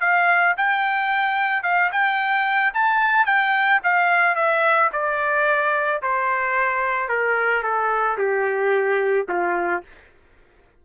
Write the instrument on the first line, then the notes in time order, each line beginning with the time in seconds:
trumpet
0.00 F5
0.57 G5
1.63 F5
1.91 G5
2.73 A5
3.25 G5
3.83 F5
4.35 E5
4.92 D5
6.02 C5
7.08 A#4
7.63 A4
8.17 G4
9.28 F4